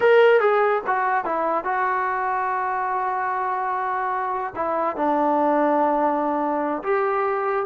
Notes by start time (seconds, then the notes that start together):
0.00 A#4
0.40 G#4
0.87 F#4
1.25 E4
1.64 F#4
4.55 E4
4.96 D4
6.83 G4